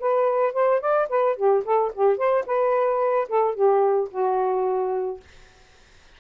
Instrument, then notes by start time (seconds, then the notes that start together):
saxophone
0.00 B4
0.54 C5
0.81 D5
1.09 B4
1.37 G4
1.65 A4
1.94 G4
2.18 C5
2.46 B4
3.29 A4
3.55 G4
4.12 F#4